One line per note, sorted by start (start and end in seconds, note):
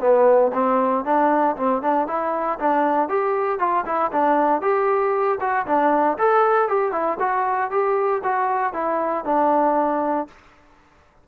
0.00 0.51 B3
0.53 1.04 C4
1.04 1.56 D4
1.56 1.82 C4
1.82 2.07 D4
2.07 2.59 E4
2.59 3.09 D4
3.09 3.59 G4
3.59 3.85 F4
3.86 4.11 E4
4.12 4.62 D4
4.62 5.38 G4
5.40 5.66 F#4
5.66 6.17 D4
6.18 6.68 A4
6.68 6.92 G4
6.92 7.18 E4
7.19 7.71 F#4
7.71 8.22 G4
8.23 8.73 F#4
8.73 9.24 E4
9.25 10.27 D4